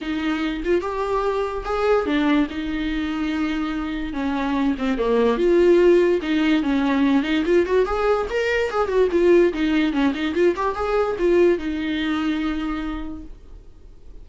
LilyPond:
\new Staff \with { instrumentName = "viola" } { \time 4/4 \tempo 4 = 145 dis'4. f'8 g'2 | gis'4 d'4 dis'2~ | dis'2 cis'4. c'8 | ais4 f'2 dis'4 |
cis'4. dis'8 f'8 fis'8 gis'4 | ais'4 gis'8 fis'8 f'4 dis'4 | cis'8 dis'8 f'8 g'8 gis'4 f'4 | dis'1 | }